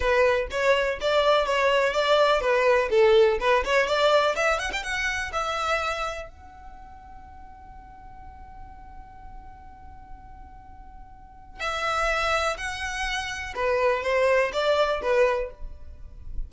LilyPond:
\new Staff \with { instrumentName = "violin" } { \time 4/4 \tempo 4 = 124 b'4 cis''4 d''4 cis''4 | d''4 b'4 a'4 b'8 cis''8 | d''4 e''8 fis''16 g''16 fis''4 e''4~ | e''4 fis''2.~ |
fis''1~ | fis''1 | e''2 fis''2 | b'4 c''4 d''4 b'4 | }